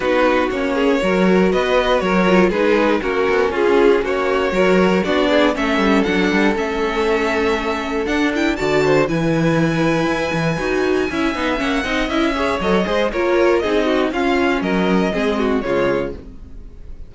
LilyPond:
<<
  \new Staff \with { instrumentName = "violin" } { \time 4/4 \tempo 4 = 119 b'4 cis''2 dis''4 | cis''4 b'4 ais'4 gis'4 | cis''2 d''4 e''4 | fis''4 e''2. |
fis''8 g''8 a''4 gis''2~ | gis''2. fis''4 | e''4 dis''4 cis''4 dis''4 | f''4 dis''2 cis''4 | }
  \new Staff \with { instrumentName = "violin" } { \time 4/4 fis'4. gis'8 ais'4 b'4 | ais'4 gis'4 fis'4 f'4 | fis'4 ais'4 fis'8 gis'8 a'4~ | a'1~ |
a'4 d''8 c''8 b'2~ | b'2 e''4. dis''8~ | dis''8 cis''4 c''8 ais'4 gis'8 fis'8 | f'4 ais'4 gis'8 fis'8 f'4 | }
  \new Staff \with { instrumentName = "viola" } { \time 4/4 dis'4 cis'4 fis'2~ | fis'8 f'8 dis'4 cis'2~ | cis'4 fis'4 d'4 cis'4 | d'4 cis'2. |
d'8 e'8 fis'4 e'2~ | e'4 fis'4 e'8 dis'8 cis'8 dis'8 | e'8 gis'8 a'8 gis'8 f'4 dis'4 | cis'2 c'4 gis4 | }
  \new Staff \with { instrumentName = "cello" } { \time 4/4 b4 ais4 fis4 b4 | fis4 gis4 ais8 b8 cis'4 | ais4 fis4 b4 a8 g8 | fis8 g8 a2. |
d'4 d4 e2 | e'8 e8 dis'4 cis'8 b8 ais8 c'8 | cis'4 fis8 gis8 ais4 c'4 | cis'4 fis4 gis4 cis4 | }
>>